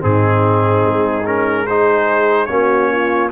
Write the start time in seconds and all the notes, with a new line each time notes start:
0.00 G#2 C4 D#4 G#4
0.85 G#3
1.26 C#4 A#4
1.65 D#4 G#4 C5
2.46 A#3 C#4 F#4 C#5
2.91 F4